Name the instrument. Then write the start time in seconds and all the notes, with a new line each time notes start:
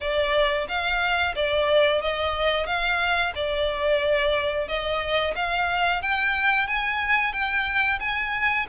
violin
0.00 D5
0.68 F5
1.35 D5
2.01 D#5
2.66 F5
3.35 D5
4.68 D#5
5.35 F5
6.02 G5
6.67 G#5
7.32 G5
7.99 G#5